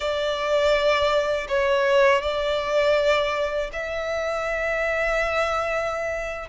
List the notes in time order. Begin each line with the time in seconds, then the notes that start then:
0.00 D5
1.48 C#5
2.22 D5
3.72 E5